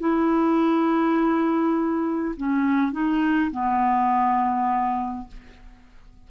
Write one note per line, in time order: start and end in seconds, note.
0.00 2.35 E4
2.37 2.92 C#4
2.92 3.51 D#4
3.51 5.28 B3